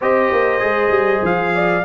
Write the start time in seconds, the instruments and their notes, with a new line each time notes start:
0.01 tuba C4, trombone G4, horn C5, trumpet D#5
0.31 tuba A#3
0.59 tuba G#3, trombone G#4
0.89 tuba G3
1.22 tuba F3, trumpet F5
1.54 horn D5